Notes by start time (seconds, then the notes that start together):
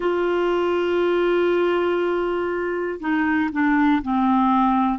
0.00 F4
3.00 D#4
3.52 D4
4.02 C4